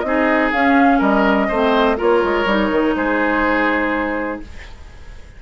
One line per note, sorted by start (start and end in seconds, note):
0.00 0.52 C4
0.00 0.53 D#4
0.00 0.48 D#5
0.07 0.99 G#4
0.52 1.01 C#4
0.52 1.50 C#4
0.52 1.01 F5
0.99 1.49 G3
0.99 1.47 A#4
0.99 1.98 D#5
1.48 1.98 A3
1.48 1.97 C4
1.48 1.97 C5
1.97 2.23 A#3
1.97 2.45 F4
1.97 2.95 A#4
1.97 2.95 C#5
2.23 2.45 G#3
2.45 2.70 G3
2.45 4.42 D#4
2.71 2.95 D#3
2.95 4.41 G#3
2.95 4.42 G#4
2.95 4.41 C5